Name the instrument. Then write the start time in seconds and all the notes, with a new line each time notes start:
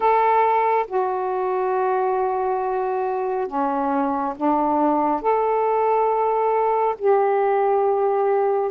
saxophone
0.00 A4
0.87 F#4
3.47 C#4
4.36 D4
5.21 A4
6.98 G4